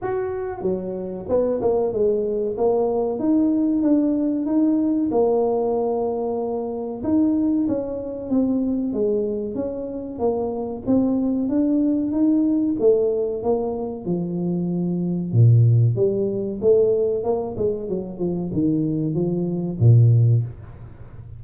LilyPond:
\new Staff \with { instrumentName = "tuba" } { \time 4/4 \tempo 4 = 94 fis'4 fis4 b8 ais8 gis4 | ais4 dis'4 d'4 dis'4 | ais2. dis'4 | cis'4 c'4 gis4 cis'4 |
ais4 c'4 d'4 dis'4 | a4 ais4 f2 | ais,4 g4 a4 ais8 gis8 | fis8 f8 dis4 f4 ais,4 | }